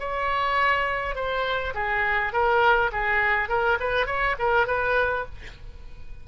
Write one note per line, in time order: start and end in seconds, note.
0.00 1.16 C#5
1.16 1.74 C5
1.75 2.33 G#4
2.33 2.91 A#4
2.92 3.49 G#4
3.49 3.78 A#4
3.80 4.07 B4
4.07 4.36 C#5
4.39 4.67 A#4
4.67 5.26 B4